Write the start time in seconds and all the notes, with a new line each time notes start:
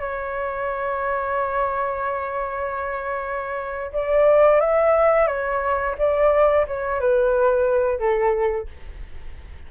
0.00 C#5
3.93 D5
4.61 E5
5.27 C#5
5.98 D5
6.68 C#5
7.01 B4
8.00 A4